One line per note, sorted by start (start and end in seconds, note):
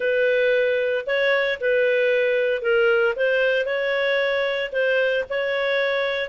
0.00 1.05 B4
1.06 1.59 C#5
1.60 2.61 B4
2.61 3.14 A#4
3.16 3.65 C5
3.65 4.71 C#5
4.72 5.24 C5
5.29 6.29 C#5